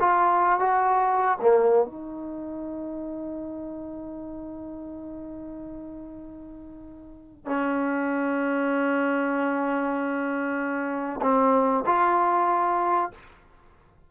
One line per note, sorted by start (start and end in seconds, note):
0.00 0.60 F4
0.60 1.38 F#4
1.41 1.86 A#3
1.86 7.46 D#4
7.46 11.21 C#4
11.22 11.84 C4
11.86 13.11 F4